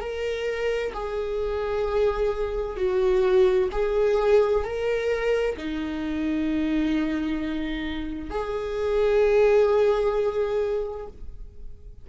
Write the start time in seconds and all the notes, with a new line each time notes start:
0.00 A#4
0.93 G#4
2.76 F#4
3.72 G#4
4.64 A#4
5.57 D#4
8.30 G#4